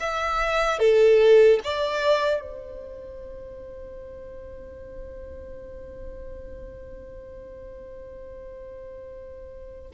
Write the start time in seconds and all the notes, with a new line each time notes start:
0.00 E5
0.79 A4
1.64 D5
2.41 C5